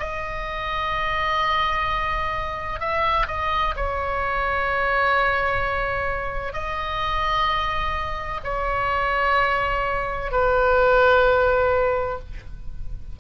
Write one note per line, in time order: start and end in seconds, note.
0.00 2.80 D#5
2.80 3.27 E5
3.28 3.75 D#5
3.77 6.53 C#5
6.53 8.41 D#5
8.44 10.32 C#5
10.32 12.20 B4